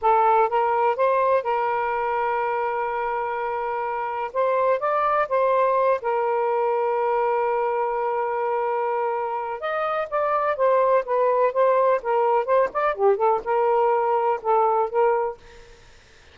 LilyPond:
\new Staff \with { instrumentName = "saxophone" } { \time 4/4 \tempo 4 = 125 a'4 ais'4 c''4 ais'4~ | ais'1~ | ais'4 c''4 d''4 c''4~ | c''8 ais'2.~ ais'8~ |
ais'1 | dis''4 d''4 c''4 b'4 | c''4 ais'4 c''8 d''8 g'8 a'8 | ais'2 a'4 ais'4 | }